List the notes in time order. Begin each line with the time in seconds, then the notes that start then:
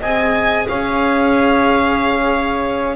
0.00 C4 G#4 D#5 G#5
0.68 C#4 C#5 F5